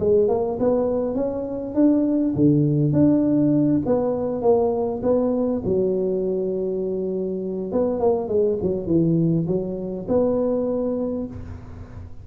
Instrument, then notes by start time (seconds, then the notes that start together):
tuba
0.00 G#3
0.29 A#3
0.59 B3
1.15 C#4
1.75 D4
2.35 D3
2.93 D4
3.86 B3
4.42 A#3
5.03 B3
5.65 F#3
7.72 B3
8.00 A#3
8.28 G#3
8.62 F#3
8.87 E3
9.47 F#3
10.08 B3